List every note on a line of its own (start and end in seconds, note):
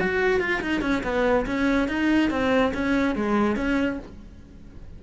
0.00 0.40 F#4
0.40 0.61 F4
0.61 0.82 D#4
0.82 1.03 C#4
1.04 1.46 B3
1.46 1.88 C#4
1.88 2.30 D#4
2.30 2.73 C4
2.74 3.16 C#4
3.16 3.56 G#3
3.56 3.99 C#4